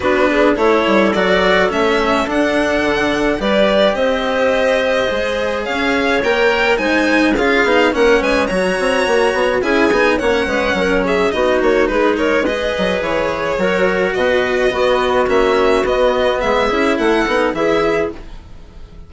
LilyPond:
<<
  \new Staff \with { instrumentName = "violin" } { \time 4/4 \tempo 4 = 106 b'4 cis''4 d''4 e''4 | fis''2 d''4 dis''4~ | dis''2 f''4 g''4 | gis''4 f''4 fis''8 gis''8 ais''4~ |
ais''4 gis''4 fis''4. e''8 | dis''8 cis''8 b'8 cis''8 dis''4 cis''4~ | cis''4 dis''2 e''4 | dis''4 e''4 fis''4 e''4 | }
  \new Staff \with { instrumentName = "clarinet" } { \time 4/4 fis'8 gis'8 a'2.~ | a'2 b'4 c''4~ | c''2 cis''2 | c''4 gis'4 ais'8 b'8 cis''4~ |
cis''4 gis'4 cis''8 b'8 ais'8 gis'8 | fis'4 gis'8 ais'8 b'2 | ais'4 b'4 fis'2~ | fis'4 gis'4 a'4 gis'4 | }
  \new Staff \with { instrumentName = "cello" } { \time 4/4 d'4 e'4 fis'4 cis'4 | d'2 g'2~ | g'4 gis'2 ais'4 | dis'4 f'8 dis'8 cis'4 fis'4~ |
fis'4 e'8 dis'8 cis'2 | dis'2 gis'2 | fis'2 b4 cis'4 | b4. e'4 dis'8 e'4 | }
  \new Staff \with { instrumentName = "bassoon" } { \time 4/4 b4 a8 g8 fis4 a4 | d'4 d4 g4 c'4~ | c'4 gis4 cis'4 ais4 | gis4 cis'8 b8 ais8 gis8 fis8 c'8 |
ais8 b8 cis'8 b8 ais8 gis8 fis4 | b8 ais8 gis4. fis8 e4 | fis4 b,4 b4 ais4 | b4 gis8 cis'8 a8 b8 e4 | }
>>